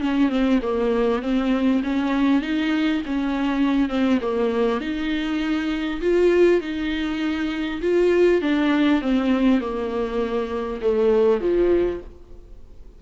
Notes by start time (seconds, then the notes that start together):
0.00 C#4
0.29 C4
0.62 A#3
1.22 C4
1.84 C#4
2.42 D#4
3.06 C#4
3.89 C4
4.21 A#3
4.81 D#4
6.01 F4
6.61 D#4
7.81 F4
8.41 D4
9.01 C4
9.60 A#3
10.81 A3
11.40 F3